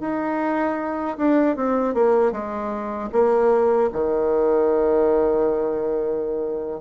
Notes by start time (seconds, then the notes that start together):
0.00 D#4
1.17 D4
1.56 C4
1.94 A#3
2.32 G#3
3.12 A#3
3.92 D#3